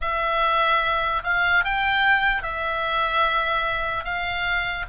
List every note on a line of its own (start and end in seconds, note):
0.01 1.22 E5
1.23 1.64 F5
1.64 2.43 G5
2.43 4.04 E5
4.04 4.85 F5